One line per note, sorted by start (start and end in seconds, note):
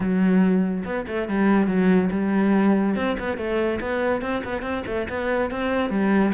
0.00 0.84 F#3
0.85 1.06 B3
1.07 1.28 A3
1.28 1.67 G3
1.67 2.09 F#3
2.10 2.95 G3
2.95 3.16 C4
3.19 3.37 B3
3.37 3.79 A3
3.80 4.21 B3
4.21 4.42 C4
4.44 4.62 B3
4.62 4.83 C4
4.86 5.07 A3
5.09 5.50 B3
5.50 5.90 C4
5.90 6.32 G3